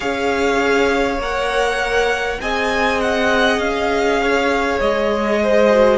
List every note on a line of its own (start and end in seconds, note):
0.00 1.18 C#4
0.00 1.18 G#4
0.00 2.39 C#5
0.00 1.19 F5
1.18 2.38 A#3
1.18 2.40 A#4
1.18 2.41 F#5
2.41 3.58 C4
2.41 5.70 G#4
2.41 4.21 D#5
2.41 3.00 G#5
3.00 3.59 F#5
3.58 4.78 C#4
3.58 4.79 F5
4.22 5.42 C#5
4.80 5.98 G#3
4.80 5.98 D#5
5.43 5.98 C5
5.70 5.98 F#4